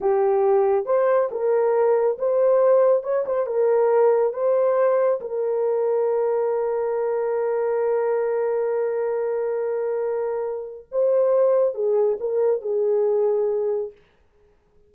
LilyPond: \new Staff \with { instrumentName = "horn" } { \time 4/4 \tempo 4 = 138 g'2 c''4 ais'4~ | ais'4 c''2 cis''8 c''8 | ais'2 c''2 | ais'1~ |
ais'1~ | ais'1~ | ais'4 c''2 gis'4 | ais'4 gis'2. | }